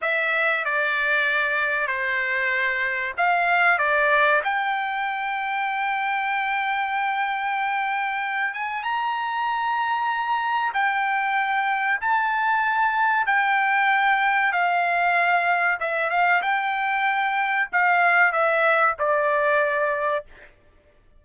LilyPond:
\new Staff \with { instrumentName = "trumpet" } { \time 4/4 \tempo 4 = 95 e''4 d''2 c''4~ | c''4 f''4 d''4 g''4~ | g''1~ | g''4. gis''8 ais''2~ |
ais''4 g''2 a''4~ | a''4 g''2 f''4~ | f''4 e''8 f''8 g''2 | f''4 e''4 d''2 | }